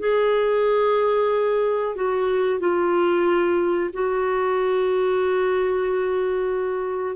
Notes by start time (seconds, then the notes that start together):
0.00 G#4
1.96 F#4
2.60 F4
3.93 F#4